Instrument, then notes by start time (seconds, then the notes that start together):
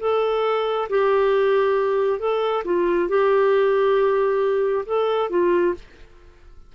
clarinet
0.00 A4
0.90 G4
2.20 A4
2.65 F4
3.08 G4
4.86 A4
5.30 F4